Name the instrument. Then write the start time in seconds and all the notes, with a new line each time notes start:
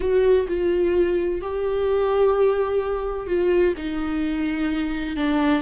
viola
0.00 F#4
0.47 F4
1.41 G4
3.27 F4
3.77 D#4
5.16 D4